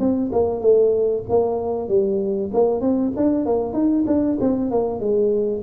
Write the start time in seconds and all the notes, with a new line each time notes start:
0.00 C4
0.33 A#3
0.61 A3
1.29 A#3
1.89 G3
2.54 A#3
2.81 C4
3.17 D4
3.46 A#3
3.74 D#4
4.07 D4
4.41 C4
4.71 A#3
5.00 G#3